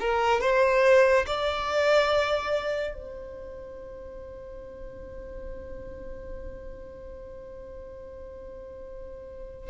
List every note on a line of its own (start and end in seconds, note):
0.00 0.41 A#4
0.41 1.25 C5
1.26 2.94 D5
2.94 9.70 C5